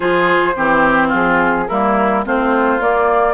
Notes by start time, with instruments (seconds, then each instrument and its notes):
0.00 bassoon F3, clarinet F4, oboe G#4, flute C5
0.55 bassoon E3, clarinet C4, oboe G4
1.07 bassoon F3, oboe F4, flute G#4
1.68 bassoon G3, clarinet A#3, oboe E4, flute A#4
2.24 bassoon A3, clarinet C4, oboe F4, flute C5
2.80 clarinet A#3, bassoon A#3, flute D5